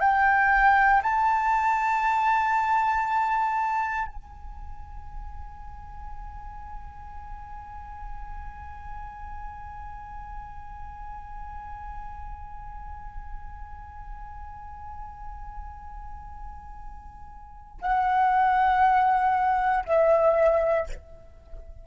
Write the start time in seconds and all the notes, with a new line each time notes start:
0.00 G5
1.03 A5
4.07 G#5
17.82 F#5
19.85 E5